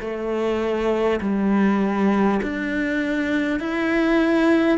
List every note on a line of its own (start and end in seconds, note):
0.00 1.20 A3
1.21 2.41 G3
2.43 3.59 D4
3.59 4.78 E4